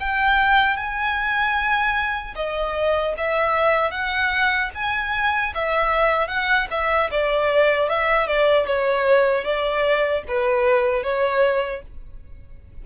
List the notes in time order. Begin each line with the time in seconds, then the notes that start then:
0.00 G5
0.77 G#5
2.36 D#5
3.18 E5
3.92 F#5
4.75 G#5
5.55 E5
6.28 F#5
6.71 E5
7.12 D5
7.89 E5
8.28 D5
8.67 C#5
9.45 D5
10.28 B4
11.03 C#5